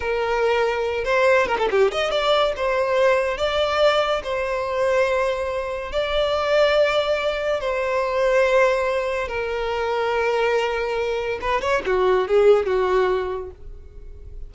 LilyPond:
\new Staff \with { instrumentName = "violin" } { \time 4/4 \tempo 4 = 142 ais'2~ ais'8 c''4 ais'16 a'16 | g'8 dis''8 d''4 c''2 | d''2 c''2~ | c''2 d''2~ |
d''2 c''2~ | c''2 ais'2~ | ais'2. b'8 cis''8 | fis'4 gis'4 fis'2 | }